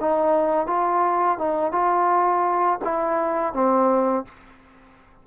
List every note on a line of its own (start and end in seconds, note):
0.00 0.67 D#4
0.67 1.38 F4
1.38 1.72 D#4
1.72 2.79 F4
2.84 3.54 E4
3.54 4.25 C4